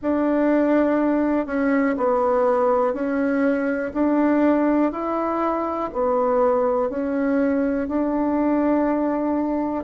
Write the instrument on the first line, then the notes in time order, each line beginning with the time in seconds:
bassoon
0.01 D4
1.46 C#4
1.97 B3
2.93 C#4
3.93 D4
4.92 E4
5.92 B3
6.89 C#4
7.87 D4